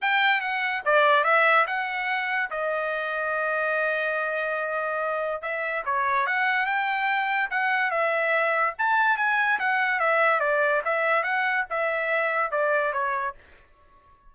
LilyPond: \new Staff \with { instrumentName = "trumpet" } { \time 4/4 \tempo 4 = 144 g''4 fis''4 d''4 e''4 | fis''2 dis''2~ | dis''1~ | dis''4 e''4 cis''4 fis''4 |
g''2 fis''4 e''4~ | e''4 a''4 gis''4 fis''4 | e''4 d''4 e''4 fis''4 | e''2 d''4 cis''4 | }